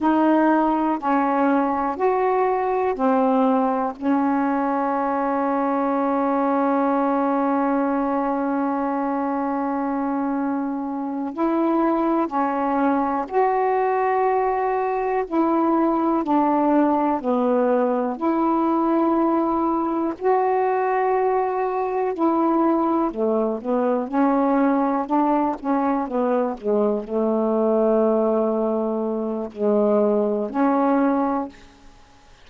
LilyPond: \new Staff \with { instrumentName = "saxophone" } { \time 4/4 \tempo 4 = 61 dis'4 cis'4 fis'4 c'4 | cis'1~ | cis'2.~ cis'8 e'8~ | e'8 cis'4 fis'2 e'8~ |
e'8 d'4 b4 e'4.~ | e'8 fis'2 e'4 a8 | b8 cis'4 d'8 cis'8 b8 gis8 a8~ | a2 gis4 cis'4 | }